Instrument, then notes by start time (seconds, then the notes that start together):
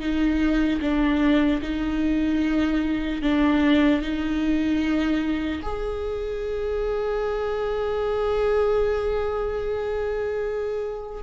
viola
0.00 D#4
0.81 D4
1.62 D#4
3.22 D4
4.01 D#4
5.62 G#4